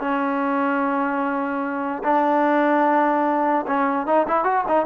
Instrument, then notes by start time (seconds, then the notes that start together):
trombone
0.00 C#4
2.04 D4
3.67 C#4
4.06 D#4
4.28 E4
4.44 F#4
4.68 D#4